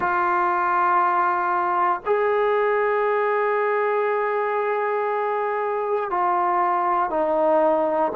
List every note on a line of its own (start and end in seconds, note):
0.00 2.01 F4
2.05 6.10 G#4
6.10 7.10 F4
7.10 8.11 D#4